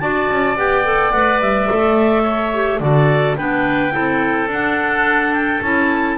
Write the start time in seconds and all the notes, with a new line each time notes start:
0.00 D4 F#4 D5 A5
0.30 C#4
0.56 B3 G4 G5
0.84 A4
1.12 A3 B4 F#5
1.41 G3 E5
1.69 A3 A4
2.23 C#5
2.54 G4
2.80 D3 F#4 A4 D5
3.37 B3 D4 B4 G5
3.91 C4 E4 A4
4.47 D4 F#5
5.33 G5
5.62 C#4 E4 A5